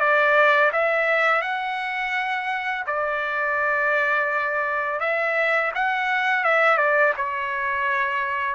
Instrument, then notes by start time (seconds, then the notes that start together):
trumpet
0.00 D5
0.73 E5
1.42 F#5
2.86 D5
5.00 E5
5.75 F#5
6.44 E5
6.78 D5
7.17 C#5